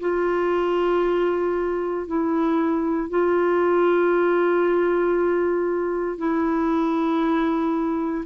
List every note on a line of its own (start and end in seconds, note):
0.00 2.07 F4
2.07 3.10 E4
3.10 6.18 F4
6.18 8.25 E4